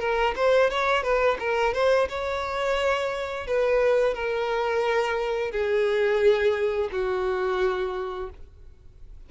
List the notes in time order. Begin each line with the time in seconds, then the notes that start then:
0.00 A#4
0.36 C5
0.71 C#5
1.03 B4
1.40 A#4
1.74 C5
2.09 C#5
3.47 B4
4.14 A#4
5.52 G#4
6.92 F#4